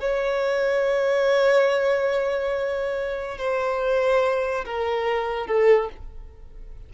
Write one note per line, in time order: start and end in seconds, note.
0.00 3.38 C#5
3.38 4.64 C5
4.65 5.47 A#4
5.47 5.89 A4